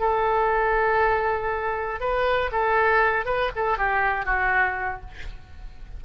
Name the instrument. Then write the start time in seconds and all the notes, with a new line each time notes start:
oboe
0.00 A4
2.00 B4
2.52 A4
3.26 B4
3.56 A4
3.78 G4
4.26 F#4